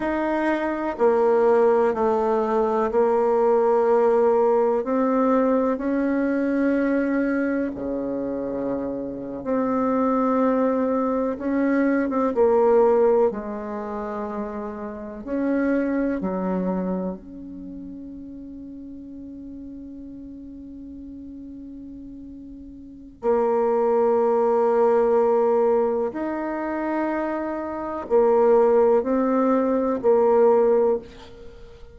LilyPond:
\new Staff \with { instrumentName = "bassoon" } { \time 4/4 \tempo 4 = 62 dis'4 ais4 a4 ais4~ | ais4 c'4 cis'2 | cis4.~ cis16 c'2 cis'16~ | cis'8 c'16 ais4 gis2 cis'16~ |
cis'8. fis4 cis'2~ cis'16~ | cis'1 | ais2. dis'4~ | dis'4 ais4 c'4 ais4 | }